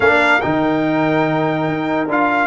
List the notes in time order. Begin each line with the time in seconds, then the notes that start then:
0.00 A#3 D4 A#4 F5
0.40 D#3 D#4 G5
1.68 D#4
2.08 D4 F4 F5